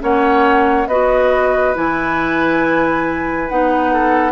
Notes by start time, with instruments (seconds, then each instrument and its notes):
0.00 bassoon A#3, clarinet C#4, oboe C#5, flute F#5
0.87 bassoon B3, clarinet F#4, oboe B4, flute D#5
1.75 bassoon E3, clarinet E4, flute G#5
3.49 bassoon B3, clarinet D#4, flute F#5
3.93 oboe A4